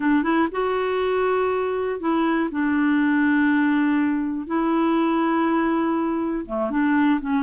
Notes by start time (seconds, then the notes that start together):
0.00 D4
0.23 E4
0.51 F#4
2.00 E4
2.51 D4
4.46 E4
6.45 A3
6.70 D4
7.21 C#4